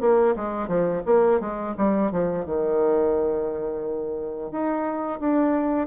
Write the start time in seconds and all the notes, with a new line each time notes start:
0.00 A#3
0.35 G#3
0.67 F3
1.05 A#3
1.40 G#3
1.77 G3
2.11 F3
2.45 D#3
4.51 D#4
5.19 D4